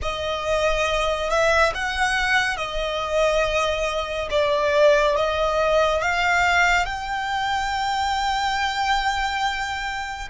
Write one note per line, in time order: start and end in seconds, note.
0.02 1.30 D#5
1.30 1.73 E5
1.74 2.56 F#5
2.56 4.28 D#5
4.30 5.16 D5
5.16 6.01 D#5
6.01 6.85 F5
6.85 10.28 G5